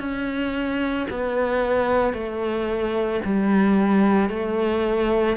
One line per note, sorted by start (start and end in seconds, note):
0.00 1.07 C#4
1.11 2.14 B3
2.14 3.21 A3
3.25 4.30 G3
4.30 5.37 A3